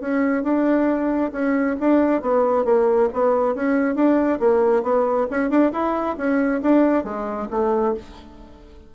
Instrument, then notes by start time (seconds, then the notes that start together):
bassoon
0.00 C#4
0.43 D4
1.32 C#4
1.80 D4
2.21 B3
2.65 A#3
3.13 B3
3.55 C#4
3.95 D4
4.39 A#3
4.83 B3
5.30 C#4
5.50 D4
5.72 E4
6.17 C#4
6.62 D4
7.04 G#3
7.50 A3